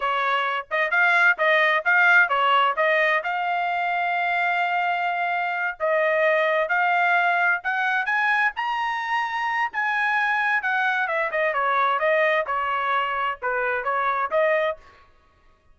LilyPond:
\new Staff \with { instrumentName = "trumpet" } { \time 4/4 \tempo 4 = 130 cis''4. dis''8 f''4 dis''4 | f''4 cis''4 dis''4 f''4~ | f''1~ | f''8 dis''2 f''4.~ |
f''8 fis''4 gis''4 ais''4.~ | ais''4 gis''2 fis''4 | e''8 dis''8 cis''4 dis''4 cis''4~ | cis''4 b'4 cis''4 dis''4 | }